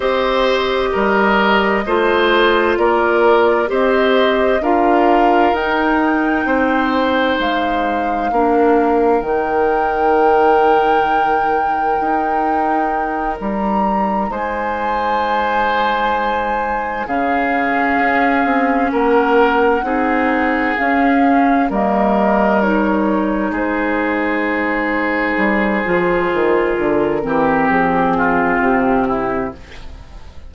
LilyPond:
<<
  \new Staff \with { instrumentName = "flute" } { \time 4/4 \tempo 4 = 65 dis''2. d''4 | dis''4 f''4 g''2 | f''2 g''2~ | g''2~ g''8 ais''4 gis''8~ |
gis''2~ gis''8 f''4.~ | f''8 fis''2 f''4 dis''8~ | dis''8 cis''4 c''2~ c''8~ | c''4 ais'4 gis'4 g'4 | }
  \new Staff \with { instrumentName = "oboe" } { \time 4/4 c''4 ais'4 c''4 ais'4 | c''4 ais'2 c''4~ | c''4 ais'2.~ | ais'2.~ ais'8 c''8~ |
c''2~ c''8 gis'4.~ | gis'8 ais'4 gis'2 ais'8~ | ais'4. gis'2~ gis'8~ | gis'4. g'4 f'4 e'8 | }
  \new Staff \with { instrumentName = "clarinet" } { \time 4/4 g'2 f'2 | g'4 f'4 dis'2~ | dis'4 d'4 dis'2~ | dis'1~ |
dis'2~ dis'8 cis'4.~ | cis'4. dis'4 cis'4 ais8~ | ais8 dis'2.~ dis'8 | f'4. c'2~ c'8 | }
  \new Staff \with { instrumentName = "bassoon" } { \time 4/4 c'4 g4 a4 ais4 | c'4 d'4 dis'4 c'4 | gis4 ais4 dis2~ | dis4 dis'4. g4 gis8~ |
gis2~ gis8 cis4 cis'8 | c'8 ais4 c'4 cis'4 g8~ | g4. gis2 g8 | f8 dis8 d8 e8 f4 c4 | }
>>